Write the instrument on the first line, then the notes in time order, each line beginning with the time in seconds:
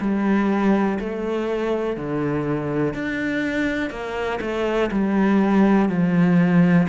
cello
0.00 G3
1.00 A3
1.97 D3
2.94 D4
3.90 A#3
4.41 A3
4.91 G3
5.89 F3